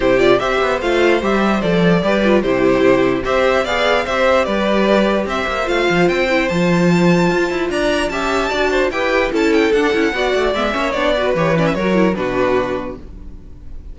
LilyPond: <<
  \new Staff \with { instrumentName = "violin" } { \time 4/4 \tempo 4 = 148 c''8 d''8 e''4 f''4 e''4 | d''2 c''2 | e''4 f''4 e''4 d''4~ | d''4 e''4 f''4 g''4 |
a''2. ais''4 | a''2 g''4 a''8 g''8 | fis''2 e''4 d''4 | cis''8 d''16 e''16 cis''4 b'2 | }
  \new Staff \with { instrumentName = "violin" } { \time 4/4 g'4 c''2.~ | c''4 b'4 g'2 | c''4 d''4 c''4 b'4~ | b'4 c''2.~ |
c''2. d''4 | e''4 d''8 c''8 b'4 a'4~ | a'4 d''4. cis''4 b'8~ | b'4 ais'4 fis'2 | }
  \new Staff \with { instrumentName = "viola" } { \time 4/4 e'8 f'8 g'4 f'4 g'4 | a'4 g'8 f'8 e'2 | g'4 gis'4 g'2~ | g'2 f'4. e'8 |
f'1 | g'4 fis'4 g'4 e'4 | d'8 e'8 fis'4 b8 cis'8 d'8 fis'8 | g'8 cis'8 fis'8 e'8 d'2 | }
  \new Staff \with { instrumentName = "cello" } { \time 4/4 c4 c'8 b8 a4 g4 | f4 g4 c2 | c'4 b4 c'4 g4~ | g4 c'8 ais8 a8 f8 c'4 |
f2 f'8 e'8 d'4 | cis'4 d'4 e'4 cis'4 | d'8 cis'8 b8 a8 gis8 ais8 b4 | e4 fis4 b,2 | }
>>